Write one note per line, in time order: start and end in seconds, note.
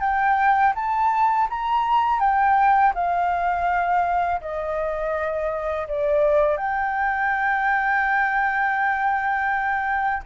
0.00 0.73 G5
0.75 1.48 A5
1.49 2.20 A#5
2.20 2.93 G5
2.94 4.40 F5
4.41 5.87 D#5
5.87 6.57 D5
6.57 10.23 G5